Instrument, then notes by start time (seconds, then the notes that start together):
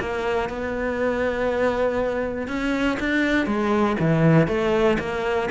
cello
0.00 A#3
0.49 B3
2.48 C#4
3.00 D4
3.47 G#3
4.00 E3
4.47 A3
4.99 A#3